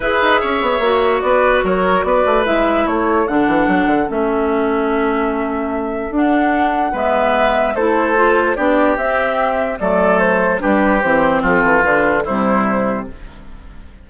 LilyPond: <<
  \new Staff \with { instrumentName = "flute" } { \time 4/4 \tempo 4 = 147 e''2. d''4 | cis''4 d''4 e''4 cis''4 | fis''2 e''2~ | e''2. fis''4~ |
fis''4 e''2 c''4~ | c''4 d''4 e''2 | d''4 c''4 b'4 c''4 | a'4 b'4 c''2 | }
  \new Staff \with { instrumentName = "oboe" } { \time 4/4 b'4 cis''2 b'4 | ais'4 b'2 a'4~ | a'1~ | a'1~ |
a'4 b'2 a'4~ | a'4 g'2. | a'2 g'2 | f'2 e'2 | }
  \new Staff \with { instrumentName = "clarinet" } { \time 4/4 gis'2 fis'2~ | fis'2 e'2 | d'2 cis'2~ | cis'2. d'4~ |
d'4 b2 e'4 | f'4 d'4 c'2 | a2 d'4 c'4~ | c'4 d'4 g2 | }
  \new Staff \with { instrumentName = "bassoon" } { \time 4/4 e'8 dis'8 cis'8 b8 ais4 b4 | fis4 b8 a8 gis4 a4 | d8 e8 fis8 d8 a2~ | a2. d'4~ |
d'4 gis2 a4~ | a4 b4 c'2 | fis2 g4 e4 | f8 e8 d4 c2 | }
>>